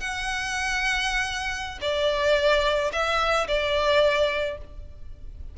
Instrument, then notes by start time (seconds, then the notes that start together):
violin
0.00 F#5
1.81 D5
2.92 E5
3.48 D5